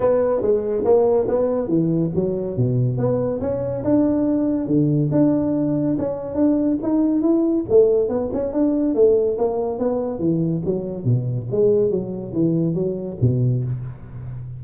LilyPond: \new Staff \with { instrumentName = "tuba" } { \time 4/4 \tempo 4 = 141 b4 gis4 ais4 b4 | e4 fis4 b,4 b4 | cis'4 d'2 d4 | d'2 cis'4 d'4 |
dis'4 e'4 a4 b8 cis'8 | d'4 a4 ais4 b4 | e4 fis4 b,4 gis4 | fis4 e4 fis4 b,4 | }